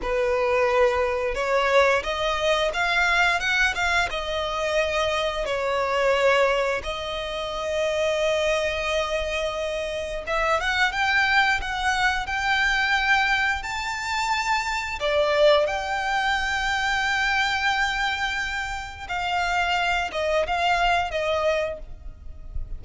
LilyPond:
\new Staff \with { instrumentName = "violin" } { \time 4/4 \tempo 4 = 88 b'2 cis''4 dis''4 | f''4 fis''8 f''8 dis''2 | cis''2 dis''2~ | dis''2. e''8 fis''8 |
g''4 fis''4 g''2 | a''2 d''4 g''4~ | g''1 | f''4. dis''8 f''4 dis''4 | }